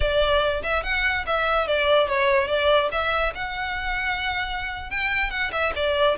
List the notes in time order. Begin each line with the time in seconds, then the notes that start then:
0.00 D5
0.62 E5
0.83 F#5
1.26 E5
1.67 D5
2.08 C#5
2.47 D5
2.91 E5
3.34 F#5
4.90 G5
5.30 F#5
5.52 E5
5.75 D5